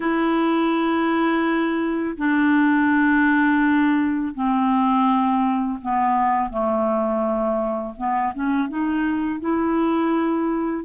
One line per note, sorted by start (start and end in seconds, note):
0.00 2.16 E4
2.17 4.34 D4
4.34 5.79 C4
5.81 6.50 B3
6.50 7.94 A3
7.97 8.33 B3
8.34 8.68 C#4
8.68 9.40 D#4
9.40 10.84 E4